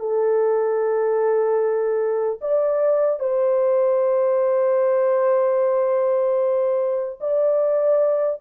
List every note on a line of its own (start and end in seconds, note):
0.00 2.40 A4
2.41 3.20 D5
3.20 7.20 C5
7.21 8.41 D5